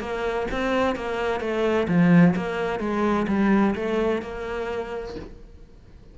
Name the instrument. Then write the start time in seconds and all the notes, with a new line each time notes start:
cello
0.00 A#3
0.51 C4
0.96 A#3
1.41 A3
1.88 F3
2.36 A#3
2.80 G#3
3.28 G3
3.75 A3
4.22 A#3